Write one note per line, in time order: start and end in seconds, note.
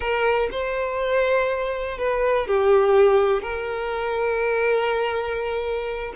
0.00 0.49 A#4
0.51 1.97 C5
1.97 2.47 B4
2.47 3.42 G4
3.42 6.13 A#4